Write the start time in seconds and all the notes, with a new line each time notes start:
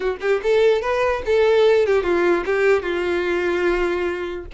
0.00 F#4
0.20 G4
0.42 A4
0.81 B4
1.25 A4
1.86 G4
2.03 F4
2.45 G4
2.82 F4